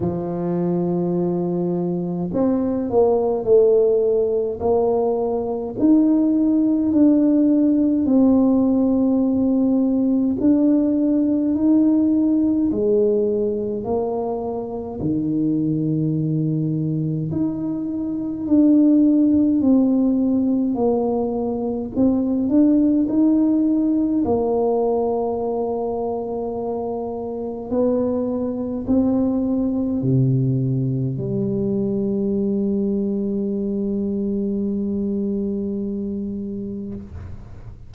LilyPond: \new Staff \with { instrumentName = "tuba" } { \time 4/4 \tempo 4 = 52 f2 c'8 ais8 a4 | ais4 dis'4 d'4 c'4~ | c'4 d'4 dis'4 gis4 | ais4 dis2 dis'4 |
d'4 c'4 ais4 c'8 d'8 | dis'4 ais2. | b4 c'4 c4 g4~ | g1 | }